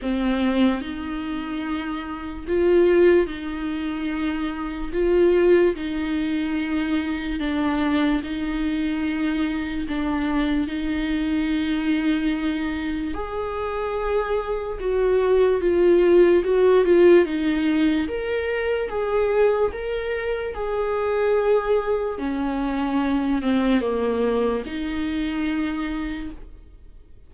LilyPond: \new Staff \with { instrumentName = "viola" } { \time 4/4 \tempo 4 = 73 c'4 dis'2 f'4 | dis'2 f'4 dis'4~ | dis'4 d'4 dis'2 | d'4 dis'2. |
gis'2 fis'4 f'4 | fis'8 f'8 dis'4 ais'4 gis'4 | ais'4 gis'2 cis'4~ | cis'8 c'8 ais4 dis'2 | }